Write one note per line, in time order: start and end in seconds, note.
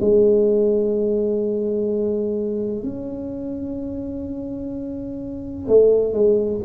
0.00 2.83 G#3
2.83 5.68 C#4
5.68 6.13 A3
6.13 6.61 G#3